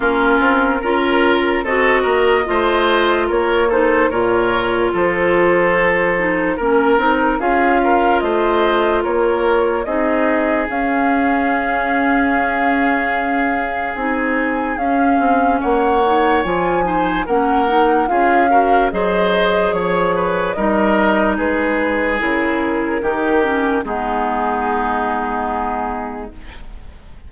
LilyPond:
<<
  \new Staff \with { instrumentName = "flute" } { \time 4/4 \tempo 4 = 73 ais'2 dis''2 | cis''8 c''8 cis''4 c''2 | ais'4 f''4 dis''4 cis''4 | dis''4 f''2.~ |
f''4 gis''4 f''4 fis''4 | gis''4 fis''4 f''4 dis''4 | cis''4 dis''4 b'4 ais'4~ | ais'4 gis'2. | }
  \new Staff \with { instrumentName = "oboe" } { \time 4/4 f'4 ais'4 a'8 ais'8 c''4 | ais'8 a'8 ais'4 a'2 | ais'4 gis'8 ais'8 c''4 ais'4 | gis'1~ |
gis'2. cis''4~ | cis''8 c''8 ais'4 gis'8 ais'8 c''4 | cis''8 b'8 ais'4 gis'2 | g'4 dis'2. | }
  \new Staff \with { instrumentName = "clarinet" } { \time 4/4 cis'4 f'4 fis'4 f'4~ | f'8 dis'8 f'2~ f'8 dis'8 | cis'8 dis'8 f'2. | dis'4 cis'2.~ |
cis'4 dis'4 cis'4. dis'8 | f'8 dis'8 cis'8 dis'8 f'8 fis'8 gis'4~ | gis'4 dis'2 e'4 | dis'8 cis'8 b2. | }
  \new Staff \with { instrumentName = "bassoon" } { \time 4/4 ais8 c'8 cis'4 c'8 ais8 a4 | ais4 ais,4 f2 | ais8 c'8 cis'4 a4 ais4 | c'4 cis'2.~ |
cis'4 c'4 cis'8 c'8 ais4 | f4 ais4 cis'4 fis4 | f4 g4 gis4 cis4 | dis4 gis2. | }
>>